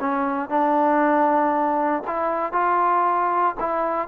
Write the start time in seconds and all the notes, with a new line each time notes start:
0.00 C#4
0.49 D4
2.07 E4
2.52 F4
3.60 E4